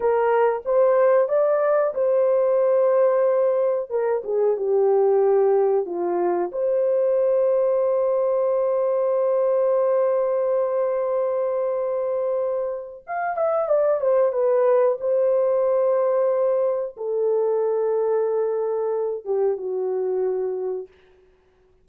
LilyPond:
\new Staff \with { instrumentName = "horn" } { \time 4/4 \tempo 4 = 92 ais'4 c''4 d''4 c''4~ | c''2 ais'8 gis'8 g'4~ | g'4 f'4 c''2~ | c''1~ |
c''1 | f''8 e''8 d''8 c''8 b'4 c''4~ | c''2 a'2~ | a'4. g'8 fis'2 | }